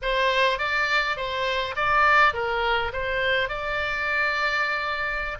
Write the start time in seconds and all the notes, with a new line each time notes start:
0.02 C5
0.58 D5
1.17 C5
1.76 D5
2.33 A#4
2.92 C5
3.48 D5